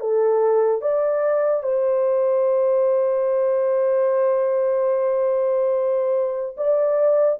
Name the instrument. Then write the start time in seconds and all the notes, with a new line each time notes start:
horn
0.00 A4
0.81 D5
1.63 C5
6.56 D5